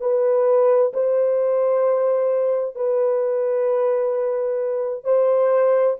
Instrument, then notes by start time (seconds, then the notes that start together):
horn
0.00 B4
0.94 C5
2.75 B4
5.04 C5